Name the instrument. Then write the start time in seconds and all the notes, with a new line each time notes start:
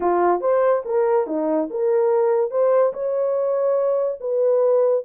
horn
0.00 F4
0.40 C5
0.85 A#4
1.26 D#4
1.70 A#4
2.50 C5
2.93 C#5
4.20 B4